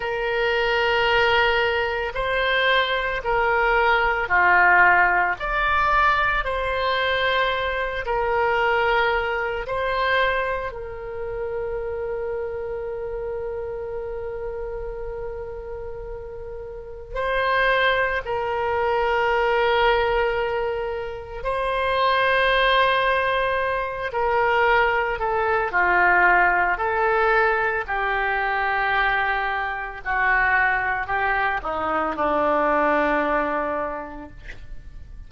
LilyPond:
\new Staff \with { instrumentName = "oboe" } { \time 4/4 \tempo 4 = 56 ais'2 c''4 ais'4 | f'4 d''4 c''4. ais'8~ | ais'4 c''4 ais'2~ | ais'1 |
c''4 ais'2. | c''2~ c''8 ais'4 a'8 | f'4 a'4 g'2 | fis'4 g'8 dis'8 d'2 | }